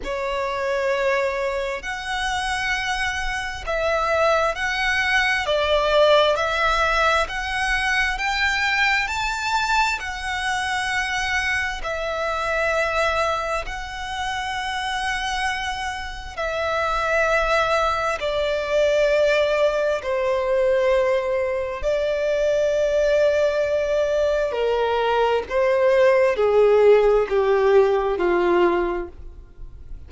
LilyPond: \new Staff \with { instrumentName = "violin" } { \time 4/4 \tempo 4 = 66 cis''2 fis''2 | e''4 fis''4 d''4 e''4 | fis''4 g''4 a''4 fis''4~ | fis''4 e''2 fis''4~ |
fis''2 e''2 | d''2 c''2 | d''2. ais'4 | c''4 gis'4 g'4 f'4 | }